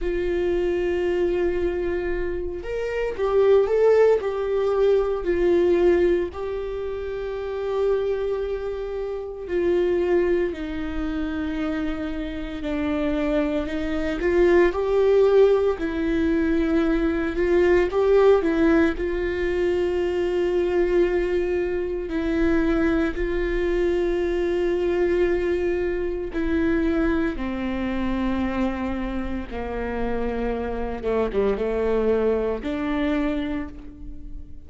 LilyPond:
\new Staff \with { instrumentName = "viola" } { \time 4/4 \tempo 4 = 57 f'2~ f'8 ais'8 g'8 a'8 | g'4 f'4 g'2~ | g'4 f'4 dis'2 | d'4 dis'8 f'8 g'4 e'4~ |
e'8 f'8 g'8 e'8 f'2~ | f'4 e'4 f'2~ | f'4 e'4 c'2 | ais4. a16 g16 a4 d'4 | }